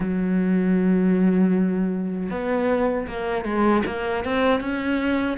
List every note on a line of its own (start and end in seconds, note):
0.00 2.29 F#3
2.30 3.07 B3
3.07 3.44 A#3
3.44 3.83 G#3
3.86 4.24 A#3
4.24 4.60 C4
4.60 5.37 C#4